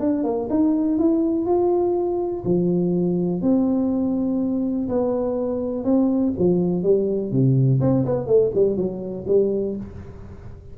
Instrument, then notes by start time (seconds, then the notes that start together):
tuba
0.00 D4
0.24 A#3
0.50 D#4
0.99 E4
1.46 F4
2.45 F3
3.42 C4
4.89 B3
5.85 C4
6.39 F3
6.83 G3
7.32 C3
7.81 C4
8.06 B3
8.27 A3
8.55 G3
8.77 F#3
9.28 G3